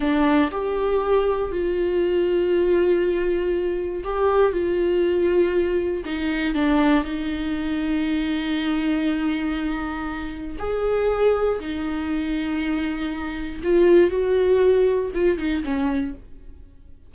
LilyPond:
\new Staff \with { instrumentName = "viola" } { \time 4/4 \tempo 4 = 119 d'4 g'2 f'4~ | f'1 | g'4 f'2. | dis'4 d'4 dis'2~ |
dis'1~ | dis'4 gis'2 dis'4~ | dis'2. f'4 | fis'2 f'8 dis'8 cis'4 | }